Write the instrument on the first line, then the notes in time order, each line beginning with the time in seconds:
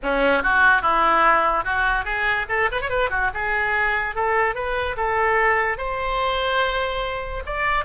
oboe
0.02 C#4
0.42 F#4
0.82 E4
1.64 F#4
2.05 G#4
2.48 A4
2.71 B4
2.81 C#5
2.89 B4
3.10 F#4
3.33 G#4
4.15 A4
4.54 B4
4.97 A4
5.77 C5
7.46 D5